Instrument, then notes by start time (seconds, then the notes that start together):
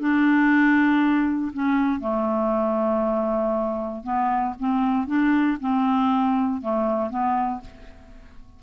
clarinet
0.00 D4
1.54 C#4
2.01 A3
4.04 B3
4.60 C4
5.07 D4
5.61 C4
6.62 A3
7.10 B3